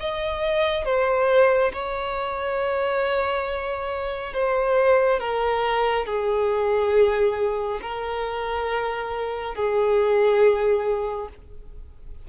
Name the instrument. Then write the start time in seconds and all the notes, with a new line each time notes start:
violin
0.00 D#5
0.85 C5
1.73 C#5
4.34 C5
5.20 A#4
6.06 G#4
7.82 A#4
9.55 G#4